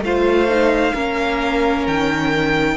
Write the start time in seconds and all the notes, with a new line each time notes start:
0.00 A3 F4 C5 F5
0.49 D#4
0.94 A#3 C#4 A#4
1.87 D#3 G5